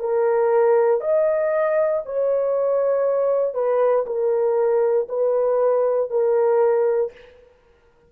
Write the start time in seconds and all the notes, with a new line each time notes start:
0.00 A#4
1.01 D#5
2.06 C#5
3.55 B4
4.06 A#4
5.08 B4
6.10 A#4